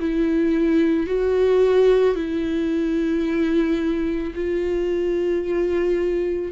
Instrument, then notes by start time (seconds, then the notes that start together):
viola
0.00 E4
1.07 F#4
2.16 E4
4.35 F4